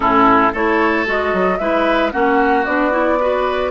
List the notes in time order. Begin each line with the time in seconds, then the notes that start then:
0.00 A2 C#4 E4 A4
0.52 A3 E4 A4 C#5
1.06 G#3 F#4 D#5
1.33 F#3
1.57 G#3 E4 B4 E5
2.12 A#3 C#4 F#4 F#5
2.65 B3 D4 D5
2.91 E4
3.19 F#4 B4